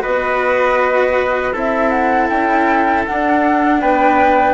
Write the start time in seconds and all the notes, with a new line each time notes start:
0.00 B3 F#4 B4 D#5
1.53 C4 E4 A4 E5
1.90 F#5
2.29 C#4 G5
3.05 D4 F#5
3.81 B3 B4 G5